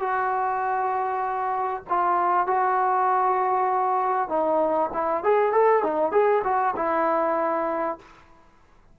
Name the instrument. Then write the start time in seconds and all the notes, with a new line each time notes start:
trombone
0.00 F#4
1.89 F4
2.47 F#4
4.29 D#4
4.93 E4
5.24 G#4
5.53 A4
5.84 D#4
6.12 G#4
6.45 F#4
6.76 E4